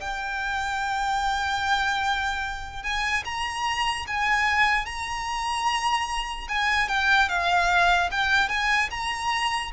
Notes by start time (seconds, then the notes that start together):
0.00 G5
2.83 G#5
3.25 A#5
4.07 G#5
4.86 A#5
6.49 G#5
6.88 G5
7.29 F5
8.11 G5
8.49 G#5
8.90 A#5